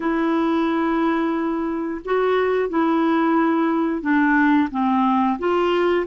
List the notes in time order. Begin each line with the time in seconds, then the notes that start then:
0.00 E4
2.04 F#4
2.69 E4
4.01 D4
4.70 C4
5.38 F4